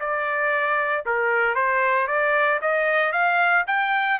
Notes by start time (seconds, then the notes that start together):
0.00 D5
1.06 A#4
1.56 C5
2.08 D5
2.62 D#5
3.13 F5
3.68 G5